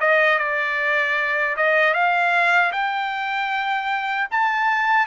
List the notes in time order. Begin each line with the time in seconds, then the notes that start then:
0.00 D#5
0.39 D5
1.57 D#5
1.94 F5
2.72 G5
4.31 A5